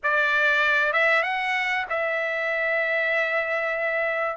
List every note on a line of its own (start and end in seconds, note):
0.03 0.92 D5
0.92 1.22 E5
1.22 1.85 F#5
1.89 4.36 E5